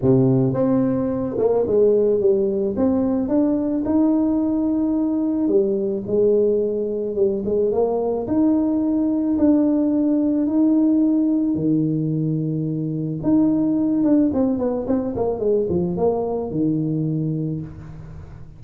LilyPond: \new Staff \with { instrumentName = "tuba" } { \time 4/4 \tempo 4 = 109 c4 c'4. ais8 gis4 | g4 c'4 d'4 dis'4~ | dis'2 g4 gis4~ | gis4 g8 gis8 ais4 dis'4~ |
dis'4 d'2 dis'4~ | dis'4 dis2. | dis'4. d'8 c'8 b8 c'8 ais8 | gis8 f8 ais4 dis2 | }